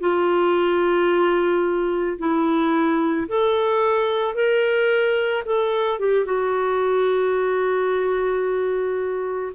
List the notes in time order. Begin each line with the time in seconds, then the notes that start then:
0.00 F4
2.19 E4
3.28 A4
4.35 A#4
5.45 A4
6.00 G4
6.26 F#4